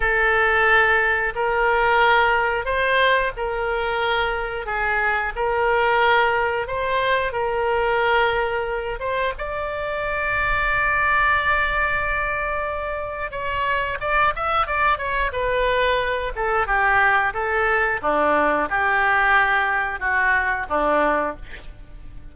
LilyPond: \new Staff \with { instrumentName = "oboe" } { \time 4/4 \tempo 4 = 90 a'2 ais'2 | c''4 ais'2 gis'4 | ais'2 c''4 ais'4~ | ais'4. c''8 d''2~ |
d''1 | cis''4 d''8 e''8 d''8 cis''8 b'4~ | b'8 a'8 g'4 a'4 d'4 | g'2 fis'4 d'4 | }